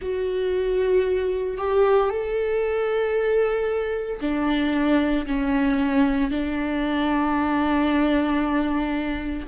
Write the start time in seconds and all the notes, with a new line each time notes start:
0.01 F#4
1.57 G4
2.09 A4
4.21 D4
5.26 C#4
6.30 D4